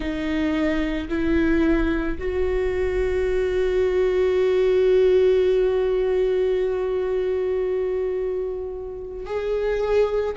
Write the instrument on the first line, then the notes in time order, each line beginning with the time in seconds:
viola
0.00 D#4
1.09 E4
2.18 F#4
9.26 G#4